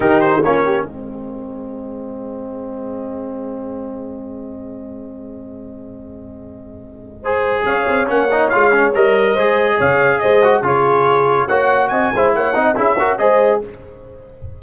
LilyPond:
<<
  \new Staff \with { instrumentName = "trumpet" } { \time 4/4 \tempo 4 = 141 ais'8 c''8 cis''4 dis''2~ | dis''1~ | dis''1~ | dis''1~ |
dis''2 f''4 fis''4 | f''4 dis''2 f''4 | dis''4 cis''2 fis''4 | gis''4 fis''4 e''4 dis''4 | }
  \new Staff \with { instrumentName = "horn" } { \time 4/4 g'4 f'8 g'8 gis'2~ | gis'1~ | gis'1~ | gis'1~ |
gis'4 c''4 cis''2~ | cis''2 c''4 cis''4 | c''4 gis'2 cis''4 | dis''8 c''8 cis''8 dis''8 gis'8 ais'8 c''4 | }
  \new Staff \with { instrumentName = "trombone" } { \time 4/4 dis'4 cis'4 c'2~ | c'1~ | c'1~ | c'1~ |
c'4 gis'2 cis'8 dis'8 | f'8 cis'8 ais'4 gis'2~ | gis'8 fis'8 f'2 fis'4~ | fis'8 e'4 dis'8 e'8 fis'8 gis'4 | }
  \new Staff \with { instrumentName = "tuba" } { \time 4/4 dis4 ais4 gis2~ | gis1~ | gis1~ | gis1~ |
gis2 cis'8 c'8 ais4 | gis4 g4 gis4 cis4 | gis4 cis2 ais4 | c'8 gis8 ais8 c'8 cis'4 gis4 | }
>>